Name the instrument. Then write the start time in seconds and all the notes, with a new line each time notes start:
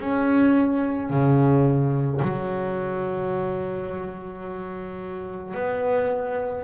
double bass
0.00 C#4
1.10 C#3
2.22 F#3
5.55 B3